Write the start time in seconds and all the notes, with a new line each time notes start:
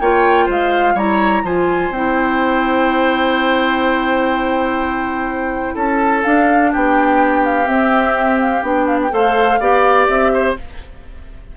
0.00 A#3 F4 C#5 G5
0.46 G#3 C5 F5
0.94 G3 E4 C#5 A#5
1.43 F3 F4 C5 G#5
1.90 C4 E4 G5
5.75 C#4 A4 A5
6.24 D4 F5
6.72 B3 G4 G5
7.45 F5
7.65 C4 E5
8.40 F5
8.62 B3 D4 G5
8.87 F5
9.03 G5
9.10 A3 A4 C5 F5
9.60 B3 G4 D5
10.08 C4 E5
10.33 C5